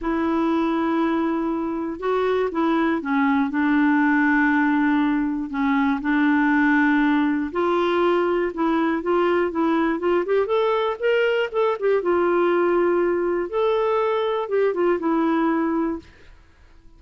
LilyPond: \new Staff \with { instrumentName = "clarinet" } { \time 4/4 \tempo 4 = 120 e'1 | fis'4 e'4 cis'4 d'4~ | d'2. cis'4 | d'2. f'4~ |
f'4 e'4 f'4 e'4 | f'8 g'8 a'4 ais'4 a'8 g'8 | f'2. a'4~ | a'4 g'8 f'8 e'2 | }